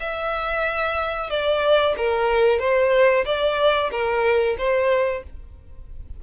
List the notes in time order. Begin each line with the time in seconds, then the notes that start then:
0.00 E5
1.30 D5
1.97 A#4
2.59 C5
3.25 D5
3.91 A#4
4.58 C5